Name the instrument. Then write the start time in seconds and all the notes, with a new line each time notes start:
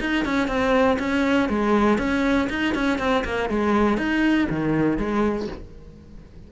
cello
0.00 D#4
0.25 C#4
0.47 C4
0.99 C#4
1.49 G#3
1.98 C#4
2.49 D#4
2.74 C#4
2.98 C4
3.24 A#3
3.49 G#3
3.97 D#4
4.50 D#3
4.97 G#3